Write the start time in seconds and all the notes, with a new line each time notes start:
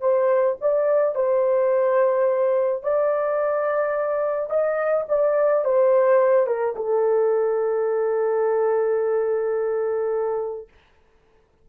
0.00 C5
0.61 D5
1.14 C5
2.82 D5
4.50 D#5
5.08 D5
5.64 C5
6.46 A#4
6.75 A4